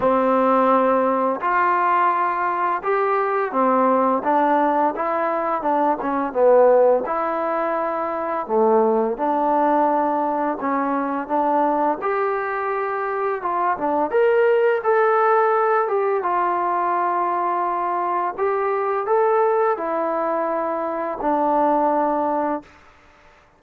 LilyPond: \new Staff \with { instrumentName = "trombone" } { \time 4/4 \tempo 4 = 85 c'2 f'2 | g'4 c'4 d'4 e'4 | d'8 cis'8 b4 e'2 | a4 d'2 cis'4 |
d'4 g'2 f'8 d'8 | ais'4 a'4. g'8 f'4~ | f'2 g'4 a'4 | e'2 d'2 | }